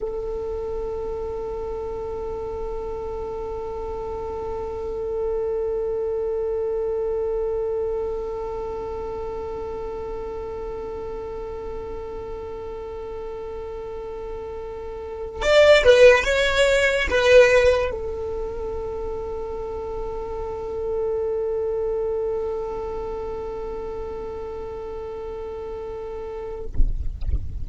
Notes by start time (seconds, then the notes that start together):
0.00 A4
15.42 D5
15.83 B4
16.24 C#5
17.09 B4
17.91 A4